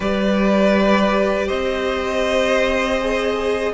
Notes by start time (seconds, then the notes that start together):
0.00 G3 G4 B4 D5
1.47 C4 C5 D#5
3.00 G#4